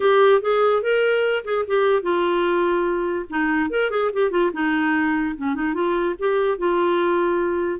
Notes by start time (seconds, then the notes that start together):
0.00 G4
0.41 G#4
0.82 A#4
1.44 G#4
1.67 G4
2.02 F4
3.29 D#4
3.70 A#4
3.90 G#4
4.13 G4
4.30 F4
4.53 D#4
5.36 C#4
5.54 D#4
5.73 F4
6.18 G4
6.58 F4